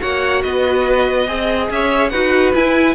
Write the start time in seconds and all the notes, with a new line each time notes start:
0.00 A#3 F#4 C#5 F#5
0.42 B3 B4 D#5
1.27 C4 G#4 D#5
1.71 C#4 C#5 E5
2.10 D#4 F#4 B4 F#5
2.55 E4 G#5